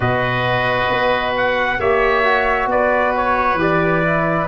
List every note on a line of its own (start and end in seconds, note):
0.00 0.87 B2
0.00 1.79 F#4
0.00 1.77 B4
0.00 1.34 D#5
0.89 1.78 B3
1.36 1.80 F#5
1.79 2.66 A#3
1.79 2.24 G4
1.79 2.69 C#5
1.79 2.69 E5
2.24 3.58 F#4
2.66 3.54 B3
2.66 4.48 B4
2.66 3.15 D5
3.16 3.61 C#5
3.54 4.43 E3
3.54 4.03 G4
3.61 4.48 D5
4.04 4.48 E4